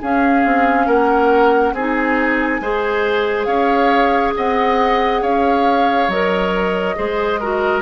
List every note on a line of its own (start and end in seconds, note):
0.00 0.45 C#4
0.00 1.77 C#4
0.00 0.87 G#4
0.00 0.87 F5
0.45 0.87 C4
0.87 1.73 A#3
0.87 1.74 A#4
0.87 1.74 F#5
1.73 2.60 C4
1.73 2.62 D#4
1.73 2.61 G#4
1.73 3.45 G#5
2.61 3.47 G#3
2.61 6.10 G#4
2.61 3.47 C5
3.45 4.34 C#4
3.45 4.34 C#5
3.45 4.32 F5
4.37 5.22 C4
4.37 5.22 D#5
4.37 5.24 F#5
5.22 6.08 C#4
5.22 6.96 C#5
5.22 6.10 F5
6.08 6.95 F#3
6.08 6.96 A#4
6.08 7.82 D#5
6.96 7.82 G#3
6.96 7.39 G#4
6.96 7.40 C5
7.40 7.82 F#4
7.40 7.82 A#4